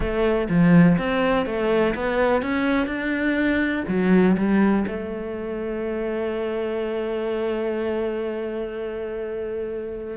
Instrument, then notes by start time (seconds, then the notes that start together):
cello
0.00 A3
0.49 F3
0.98 C4
1.46 A3
1.95 B3
2.41 C#4
2.87 D4
3.88 F#3
4.37 G3
4.87 A3